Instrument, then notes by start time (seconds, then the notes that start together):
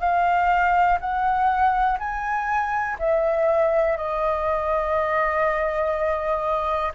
flute
0.00 F5
1.00 F#5
1.99 G#5
2.99 E5
3.97 D#5